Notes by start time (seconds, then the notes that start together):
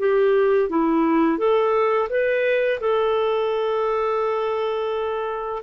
0.00 G4
0.70 E4
1.39 A4
2.10 B4
2.81 A4